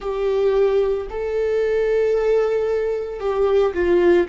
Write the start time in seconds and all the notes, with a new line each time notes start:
0.00 G4
1.10 A4
3.19 G4
3.73 F4